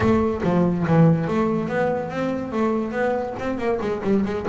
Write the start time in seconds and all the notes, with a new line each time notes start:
0.00 A3
0.43 F3
0.86 E3
1.27 A3
1.68 B3
2.10 C4
2.52 A3
2.91 B3
3.39 C4
3.58 A#3
3.80 G#3
4.03 G3
4.25 G#3